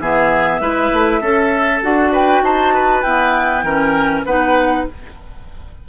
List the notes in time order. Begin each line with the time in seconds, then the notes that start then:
0.00 E3 B3 G#4 E5
0.60 G#3 E4 B4
0.93 A3
1.21 C#4 A4
1.83 D4 F#4 F#5
2.12 B4 G5
2.43 D#4 C5 A5
2.74 B4
3.03 B3 E4 G5
3.63 E3 C#4 A#4
4.26 B3 D#4 B4 F#5